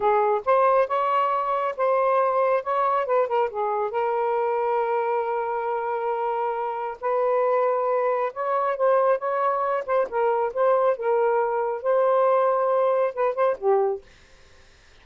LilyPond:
\new Staff \with { instrumentName = "saxophone" } { \time 4/4 \tempo 4 = 137 gis'4 c''4 cis''2 | c''2 cis''4 b'8 ais'8 | gis'4 ais'2.~ | ais'1 |
b'2. cis''4 | c''4 cis''4. c''8 ais'4 | c''4 ais'2 c''4~ | c''2 b'8 c''8 g'4 | }